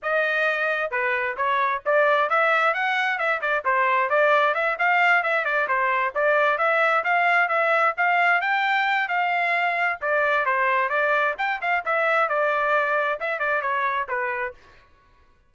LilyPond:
\new Staff \with { instrumentName = "trumpet" } { \time 4/4 \tempo 4 = 132 dis''2 b'4 cis''4 | d''4 e''4 fis''4 e''8 d''8 | c''4 d''4 e''8 f''4 e''8 | d''8 c''4 d''4 e''4 f''8~ |
f''8 e''4 f''4 g''4. | f''2 d''4 c''4 | d''4 g''8 f''8 e''4 d''4~ | d''4 e''8 d''8 cis''4 b'4 | }